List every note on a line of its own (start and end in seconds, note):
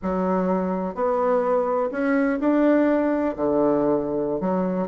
0.02 0.94 F#3
0.94 1.90 B3
1.91 2.39 C#4
2.40 3.35 D4
3.36 4.40 D3
4.40 4.88 F#3